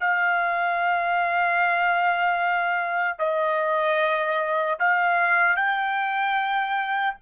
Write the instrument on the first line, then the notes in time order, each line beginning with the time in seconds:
trumpet
0.00 F5
3.19 D#5
4.79 F5
5.56 G5